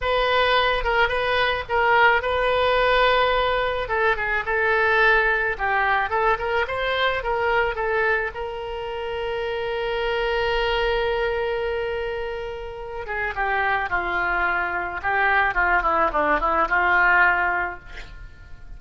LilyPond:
\new Staff \with { instrumentName = "oboe" } { \time 4/4 \tempo 4 = 108 b'4. ais'8 b'4 ais'4 | b'2. a'8 gis'8 | a'2 g'4 a'8 ais'8 | c''4 ais'4 a'4 ais'4~ |
ais'1~ | ais'2.~ ais'8 gis'8 | g'4 f'2 g'4 | f'8 e'8 d'8 e'8 f'2 | }